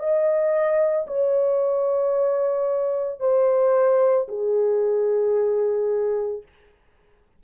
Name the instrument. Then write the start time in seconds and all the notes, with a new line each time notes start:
horn
0.00 D#5
1.07 C#5
3.20 C5
4.29 G#4